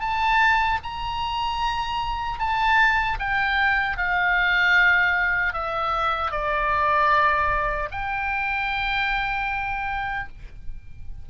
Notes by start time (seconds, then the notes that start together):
0.00 A5
0.84 A#5
2.39 A5
3.19 G5
3.97 F5
5.53 E5
6.32 D5
7.91 G5